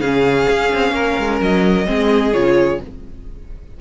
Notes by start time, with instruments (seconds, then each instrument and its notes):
0.00 cello C#3, viola C#4, violin G#4 F5
0.50 cello C#4
0.74 cello C4
0.91 cello A#3, violin A#4
1.19 cello G#3
1.41 cello F#3, violin D#5
1.86 cello G#3, viola C4, violin G#4
2.33 cello C#3, viola F4, violin C#5